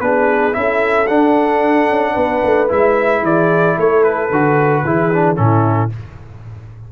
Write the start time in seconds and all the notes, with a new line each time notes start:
0.00 B3 D4 G#4 B4
0.52 C#4 E4 E5
0.59 A4
1.07 D4 F#5
1.89 C#4
2.13 B3 B4
2.44 A3
2.68 G#3 E4 E5
3.22 E3 G#4 D5
3.75 A3 A4 C#5
4.03 B4
4.30 D3 F#4
4.84 E3 E4 G#4
5.12 D4
5.36 A2 C#4 E4 A4